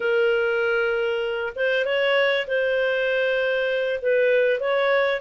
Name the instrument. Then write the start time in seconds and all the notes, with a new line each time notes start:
clarinet
0.00 A#4
1.55 C5
1.85 C#5
2.47 C5
4.01 B4
4.60 C#5